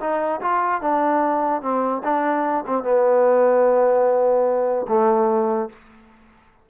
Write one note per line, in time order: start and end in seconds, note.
0.00 0.41 D#4
0.41 0.81 F4
0.81 1.61 D4
1.61 2.02 C4
2.04 2.64 D4
2.66 2.83 C4
2.83 4.86 B3
4.88 5.69 A3